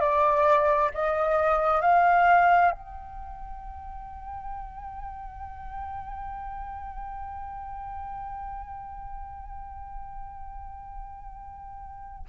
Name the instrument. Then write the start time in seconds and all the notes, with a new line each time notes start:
flute
0.00 D5
0.94 D#5
1.81 F5
2.71 G5